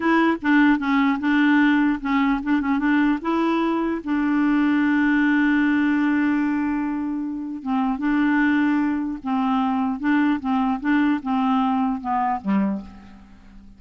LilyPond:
\new Staff \with { instrumentName = "clarinet" } { \time 4/4 \tempo 4 = 150 e'4 d'4 cis'4 d'4~ | d'4 cis'4 d'8 cis'8 d'4 | e'2 d'2~ | d'1~ |
d'2. c'4 | d'2. c'4~ | c'4 d'4 c'4 d'4 | c'2 b4 g4 | }